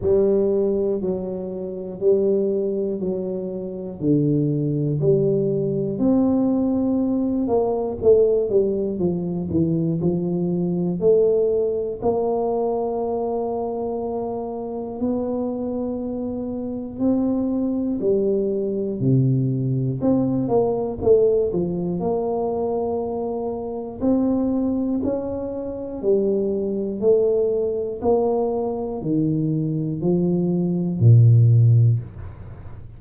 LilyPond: \new Staff \with { instrumentName = "tuba" } { \time 4/4 \tempo 4 = 60 g4 fis4 g4 fis4 | d4 g4 c'4. ais8 | a8 g8 f8 e8 f4 a4 | ais2. b4~ |
b4 c'4 g4 c4 | c'8 ais8 a8 f8 ais2 | c'4 cis'4 g4 a4 | ais4 dis4 f4 ais,4 | }